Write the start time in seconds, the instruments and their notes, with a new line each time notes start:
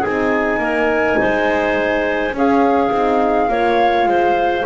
0.00 horn D#4, clarinet G#4, flute G#5
0.06 double bass C4
0.58 double bass A#3, clarinet A#4
1.19 double bass G#3, clarinet C5
2.32 double bass C#4, horn C#4, clarinet G#4, flute F5
2.91 double bass C4, horn D#4
3.48 double bass A#3, horn F4, clarinet C#5
4.06 double bass G#3, clarinet C5